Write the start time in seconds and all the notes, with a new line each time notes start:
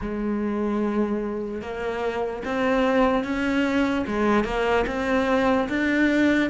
0.01 G#3
1.61 A#3
2.45 C4
3.24 C#4
4.07 G#3
4.44 A#3
4.86 C4
5.69 D4